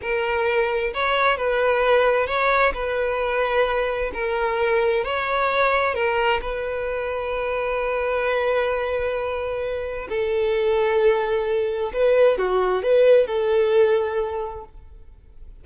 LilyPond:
\new Staff \with { instrumentName = "violin" } { \time 4/4 \tempo 4 = 131 ais'2 cis''4 b'4~ | b'4 cis''4 b'2~ | b'4 ais'2 cis''4~ | cis''4 ais'4 b'2~ |
b'1~ | b'2 a'2~ | a'2 b'4 fis'4 | b'4 a'2. | }